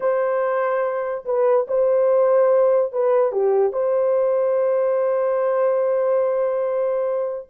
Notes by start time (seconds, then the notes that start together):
0.00 C5
1.25 B4
1.67 C5
2.92 B4
3.31 G4
3.72 C5